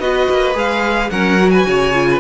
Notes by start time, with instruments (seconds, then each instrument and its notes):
0.00 cello B3, viola F#4, violin B4 D#5
0.30 cello A#3
0.54 cello G#3, viola G#4, violin F5
1.11 cello F#3, viola C#4, violin A#4 F#5
1.39 viola F#4
1.50 violin B4 G#5
1.66 cello C#3, violin C#5
1.93 viola F4
2.10 violin B4